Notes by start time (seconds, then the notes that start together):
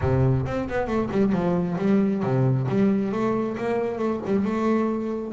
0.01 C3
0.46 C4
0.68 B3
0.87 A3
1.11 G3
1.32 F3
1.78 G3
2.22 C3
2.68 G3
3.12 A3
3.57 A#3
3.98 A3
4.25 G3
4.44 A3